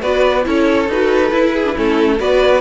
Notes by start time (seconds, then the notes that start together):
0.00 B3 F#4 B4 D5
0.43 C#4 E4 A4 C#5
0.88 D#4 F#4 B4
1.31 E4
1.53 G#4
1.64 D4
1.72 A3 C#4 E4 A4
2.18 B3 F#4 B4 D5